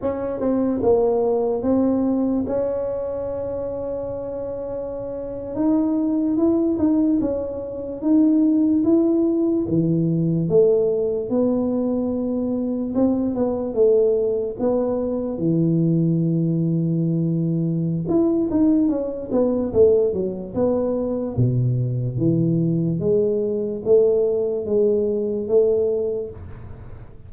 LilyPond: \new Staff \with { instrumentName = "tuba" } { \time 4/4 \tempo 4 = 73 cis'8 c'8 ais4 c'4 cis'4~ | cis'2~ cis'8. dis'4 e'16~ | e'16 dis'8 cis'4 dis'4 e'4 e16~ | e8. a4 b2 c'16~ |
c'16 b8 a4 b4 e4~ e16~ | e2 e'8 dis'8 cis'8 b8 | a8 fis8 b4 b,4 e4 | gis4 a4 gis4 a4 | }